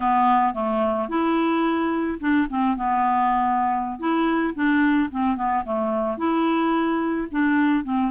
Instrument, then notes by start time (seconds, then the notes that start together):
clarinet
0.00 B3
0.54 A3
1.09 E4
2.20 D4
2.49 C4
2.76 B3
3.99 E4
4.54 D4
5.11 C4
5.36 B3
5.64 A3
6.17 E4
7.31 D4
7.83 C4